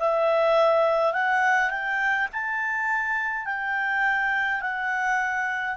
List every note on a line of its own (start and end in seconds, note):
0.00 1.13 E5
1.13 1.70 F#5
1.70 2.28 G5
2.33 3.46 A5
3.46 4.61 G5
4.62 5.77 F#5